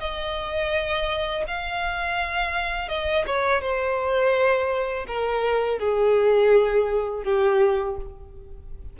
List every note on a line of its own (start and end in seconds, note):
0.00 1.45 D#5
1.48 2.89 F5
2.89 3.25 D#5
3.27 3.61 C#5
3.61 5.06 C5
5.08 5.79 A#4
5.79 7.24 G#4
7.24 7.96 G4